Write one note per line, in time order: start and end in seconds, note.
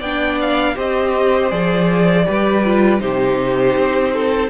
0.00 0.76 B3
0.00 0.76 D4
0.00 0.75 D5
0.00 0.39 G5
0.41 0.78 F5
0.76 1.52 C4
0.76 1.50 G4
0.76 2.26 C5
0.76 1.51 D#5
1.50 2.27 F3
1.50 2.25 G#4
1.50 3.00 D5
2.26 3.01 G3
2.26 2.63 G4
2.26 3.02 B4
2.65 3.00 F4
3.00 3.76 C3
3.00 4.50 D#4
3.00 4.14 G4
3.00 4.50 C5
3.78 4.50 C4
4.14 4.50 A4